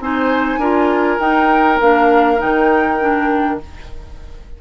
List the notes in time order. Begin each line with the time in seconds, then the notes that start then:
0.00 C4 D#4 C5 G#5
0.58 D4 F4 A#4
1.19 D#4 G5
1.80 A#3 D4 F5
2.38 D#3 D#4 G5
3.00 D4